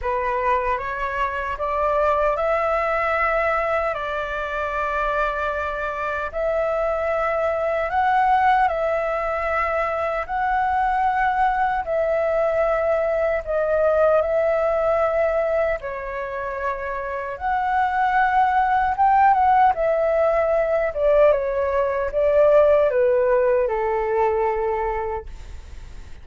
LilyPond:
\new Staff \with { instrumentName = "flute" } { \time 4/4 \tempo 4 = 76 b'4 cis''4 d''4 e''4~ | e''4 d''2. | e''2 fis''4 e''4~ | e''4 fis''2 e''4~ |
e''4 dis''4 e''2 | cis''2 fis''2 | g''8 fis''8 e''4. d''8 cis''4 | d''4 b'4 a'2 | }